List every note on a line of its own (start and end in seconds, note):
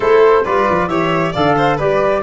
0.00 0.45 A3
0.00 0.44 E4
0.00 0.42 A4
0.00 0.44 C5
0.44 0.67 G3
0.44 0.89 F4
0.44 0.88 B4
0.44 0.88 D5
0.70 0.87 F3
0.87 1.32 E3
0.87 1.34 G4
0.87 1.32 C#5
0.87 1.32 E5
1.32 1.80 D3
1.32 1.79 A4
1.32 1.54 D5
1.32 1.78 F5
1.57 1.76 C5
1.76 2.23 G3
1.76 2.23 G4
1.76 2.21 B4
1.76 2.23 D5